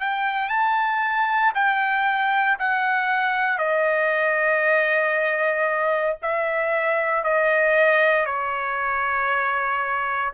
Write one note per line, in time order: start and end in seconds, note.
0.00 0.49 G5
0.49 1.52 A5
1.55 2.58 G5
2.59 3.58 F#5
3.58 6.17 D#5
6.23 7.24 E5
7.24 8.26 D#5
8.26 10.33 C#5